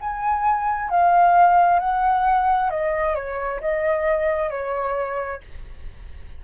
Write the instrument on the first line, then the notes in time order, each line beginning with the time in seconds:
flute
0.00 G#5
0.90 F5
1.79 F#5
2.70 D#5
3.14 C#5
3.60 D#5
4.50 C#5